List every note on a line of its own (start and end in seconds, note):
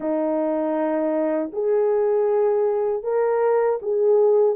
0.00 1.51 D#4
1.52 3.03 G#4
3.03 3.79 A#4
3.81 4.55 G#4